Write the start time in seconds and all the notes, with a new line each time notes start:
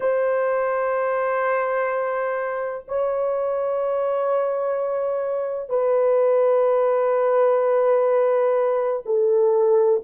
0.00 C5
2.87 C#5
5.69 B4
9.05 A4